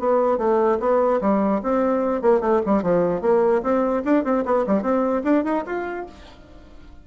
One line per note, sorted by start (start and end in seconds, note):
0.00 0.38 B3
0.38 0.79 A3
0.80 1.21 B3
1.21 1.62 G3
1.63 2.22 C4
2.22 2.41 A#3
2.41 2.61 A3
2.66 2.83 G3
2.83 3.22 F3
3.22 3.63 A#3
3.63 4.04 C4
4.05 4.25 D4
4.25 4.45 C4
4.46 4.66 B3
4.67 4.83 G3
4.83 5.23 C4
5.24 5.45 D4
5.45 5.65 D#4
5.66 6.07 F4